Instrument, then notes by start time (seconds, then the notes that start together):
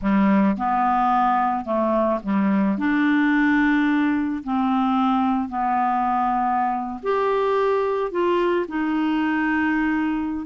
clarinet
0.02 G3
0.57 B3
1.64 A3
2.22 G3
2.77 D4
4.43 C4
5.48 B3
7.02 G4
8.11 F4
8.68 D#4